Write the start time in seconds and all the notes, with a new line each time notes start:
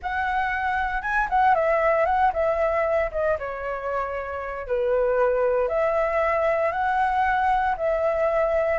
0.02 F#5
1.01 G#5
1.29 F#5
1.54 E5
2.05 F#5
2.33 E5
3.11 D#5
3.38 C#5
4.67 B4
5.68 E5
6.71 F#5
7.77 E5